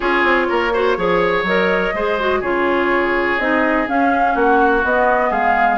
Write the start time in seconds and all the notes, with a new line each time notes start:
0.00 C#4 F4 G#4 C#5
0.23 C4
0.48 A#3 A#4
0.73 F#4 C5
0.96 F3 G#4 C#5
1.42 F#3 A#4 D#5
1.93 G#3 G#4 C5
2.19 F#4
2.40 C#3 F4 G#4 C#5
3.38 C4 D#4 D#5
3.87 C#4 F5
4.34 A#3 F#4 F#5
4.83 B3 D#5
5.30 G#3 G#4 F5